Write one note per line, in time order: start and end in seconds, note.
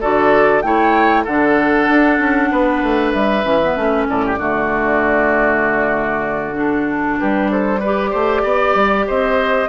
0.00 0.63 D3
0.00 0.63 F#4
0.00 0.63 A4
0.00 0.61 D5
0.61 1.25 A3
0.61 1.25 E4
0.61 1.24 C#5
0.61 1.24 G5
1.24 1.88 D3
1.24 3.43 D4
1.24 2.49 A4
1.24 3.11 F#5
1.88 2.19 D4
2.19 2.50 C#4
2.51 2.82 B3
2.51 4.07 B4
2.82 3.13 A3
3.11 3.44 G3
3.11 4.05 E5
3.43 3.75 E3
3.43 3.59 C#4
3.62 3.76 B3
3.75 4.07 A3
3.75 4.39 C#4
4.08 4.37 A2
4.08 4.24 A4
4.08 6.55 D5
4.24 4.38 G4
4.37 7.18 D3
4.37 6.53 A3
4.37 7.20 F#4
6.53 7.78 D4
6.53 7.18 A4
7.18 8.13 G3
7.18 7.51 G4
7.18 7.49 B4
7.50 7.79 A4
7.50 7.82 C5
7.79 9.68 G4
7.79 8.10 B4
7.79 9.08 D5
8.10 8.43 A3
8.10 8.41 C5
8.43 8.74 B3
8.43 9.05 D5
8.74 9.05 G3
9.07 9.68 C4
9.07 9.68 C5
9.07 9.68 D#5